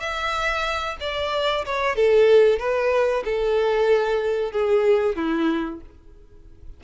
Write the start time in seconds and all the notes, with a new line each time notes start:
0.00 E5
1.01 D5
1.66 C#5
1.96 A4
2.59 B4
3.25 A4
4.52 G#4
5.16 E4